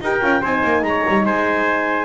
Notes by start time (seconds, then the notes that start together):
0.00 D#4 G4 A#4 G5
0.21 C#4 F4
0.41 C4 D#4 C5 G#5
0.64 A#3
0.82 G#3 C#5 A#5
1.08 G3
1.25 G#3 C5 G#5